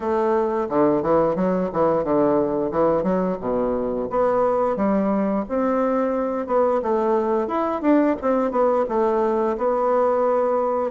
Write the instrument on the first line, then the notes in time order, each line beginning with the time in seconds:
bassoon
0.00 A3
0.69 D3
1.02 E3
1.35 F#3
1.72 E3
2.03 D3
2.71 E3
3.03 F#3
3.40 B2
4.10 B3
4.76 G3
5.49 C4
6.46 B3
6.82 A3
7.47 E4
7.81 D4
8.21 C4
8.51 B3
8.88 A3
9.57 B3